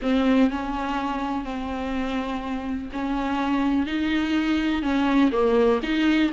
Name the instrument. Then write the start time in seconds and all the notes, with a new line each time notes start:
viola
0.02 C4
0.50 C#4
1.44 C4
2.92 C#4
3.86 D#4
4.82 C#4
5.32 A#3
5.82 D#4